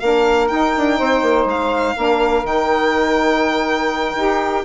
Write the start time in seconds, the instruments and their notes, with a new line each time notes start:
0.00 bassoon A#3, saxophone D4 A#4, violin F5
0.48 saxophone D#4, bassoon D#4, violin G5
0.77 bassoon D4
0.98 bassoon C4, saxophone C5
1.22 bassoon A#3
1.46 bassoon G#3, violin F5
1.96 bassoon A#3, saxophone D4 A#4
2.44 bassoon D#3, saxophone D#4, violin G5
4.16 bassoon D#4, saxophone G4